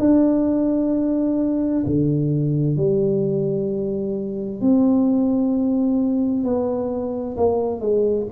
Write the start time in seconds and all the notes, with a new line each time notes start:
0.00 D4
1.87 D3
2.77 G3
4.61 C4
6.44 B3
7.37 A#3
7.80 G#3